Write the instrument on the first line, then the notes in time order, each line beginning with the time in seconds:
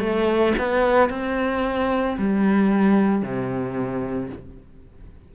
cello
0.00 A3
0.58 B3
1.10 C4
2.18 G3
3.22 C3